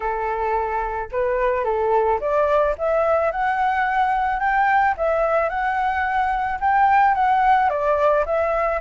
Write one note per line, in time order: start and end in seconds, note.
0.00 1.09 A4
1.11 1.64 B4
1.64 2.19 A4
2.20 2.75 D5
2.78 3.31 E5
3.31 4.39 F#5
4.39 4.94 G5
4.97 5.49 E5
5.49 6.59 F#5
6.60 7.14 G5
7.14 7.69 F#5
7.69 8.24 D5
8.25 8.80 E5